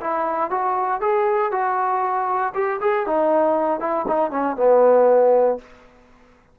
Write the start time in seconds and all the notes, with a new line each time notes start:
0.00 E4
0.50 F#4
1.00 G#4
1.51 F#4
2.54 G4
2.81 G#4
3.06 D#4
3.80 E4
4.07 D#4
4.30 C#4
4.56 B3